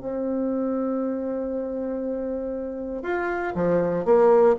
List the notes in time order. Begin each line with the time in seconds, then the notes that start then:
0.00 C4
3.03 F4
3.55 F3
4.05 A#3